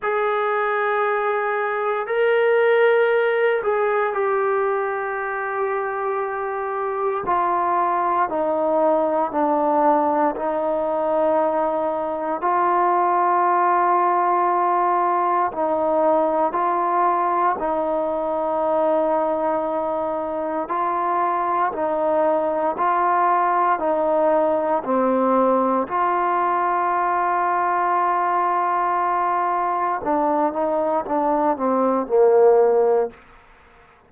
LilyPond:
\new Staff \with { instrumentName = "trombone" } { \time 4/4 \tempo 4 = 58 gis'2 ais'4. gis'8 | g'2. f'4 | dis'4 d'4 dis'2 | f'2. dis'4 |
f'4 dis'2. | f'4 dis'4 f'4 dis'4 | c'4 f'2.~ | f'4 d'8 dis'8 d'8 c'8 ais4 | }